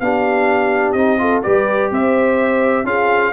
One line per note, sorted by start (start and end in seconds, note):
0.00 0.94 B3
0.00 0.97 D4
0.00 1.21 G4
0.00 0.92 F5
0.92 1.42 C4
0.92 1.18 D#4
0.92 1.40 D#5
1.18 1.42 F4
1.18 1.43 A4
1.43 1.91 G3
1.43 2.85 G4
1.43 1.91 B4
1.43 1.90 D5
1.91 2.84 C4
1.91 2.87 C5
1.91 2.86 E5
2.84 3.31 C#4
2.84 3.32 F4
2.84 3.32 G#4
2.84 3.32 F5